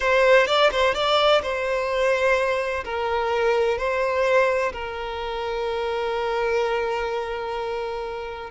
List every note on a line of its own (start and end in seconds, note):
0.00 0.46 C5
0.46 0.70 D5
0.71 0.94 C5
0.94 1.41 D5
1.42 2.84 C5
2.84 3.78 A#4
3.78 4.72 C5
4.72 8.50 A#4